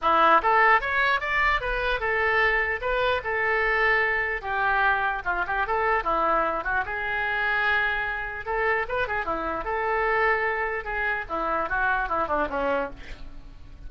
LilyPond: \new Staff \with { instrumentName = "oboe" } { \time 4/4 \tempo 4 = 149 e'4 a'4 cis''4 d''4 | b'4 a'2 b'4 | a'2. g'4~ | g'4 f'8 g'8 a'4 e'4~ |
e'8 fis'8 gis'2.~ | gis'4 a'4 b'8 gis'8 e'4 | a'2. gis'4 | e'4 fis'4 e'8 d'8 cis'4 | }